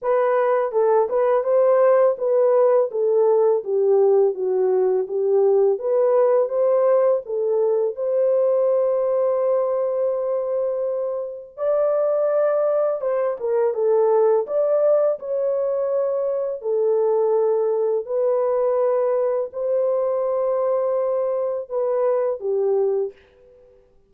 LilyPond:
\new Staff \with { instrumentName = "horn" } { \time 4/4 \tempo 4 = 83 b'4 a'8 b'8 c''4 b'4 | a'4 g'4 fis'4 g'4 | b'4 c''4 a'4 c''4~ | c''1 |
d''2 c''8 ais'8 a'4 | d''4 cis''2 a'4~ | a'4 b'2 c''4~ | c''2 b'4 g'4 | }